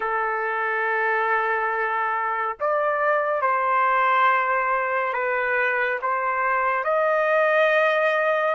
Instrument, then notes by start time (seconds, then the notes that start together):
trumpet
0.00 A4
2.59 D5
3.41 C5
5.13 B4
6.02 C5
6.84 D#5